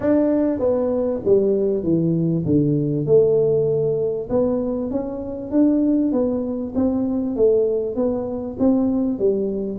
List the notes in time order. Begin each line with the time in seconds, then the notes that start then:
0.00 D4
0.59 B3
1.24 G3
1.83 E3
2.45 D3
3.06 A3
4.29 B3
4.91 C#4
5.51 D4
6.12 B3
6.75 C4
7.36 A3
7.95 B3
8.59 C4
9.18 G3